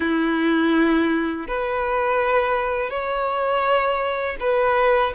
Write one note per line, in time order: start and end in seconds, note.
0.00 1.46 E4
1.47 2.90 B4
2.90 4.36 C#5
4.39 5.13 B4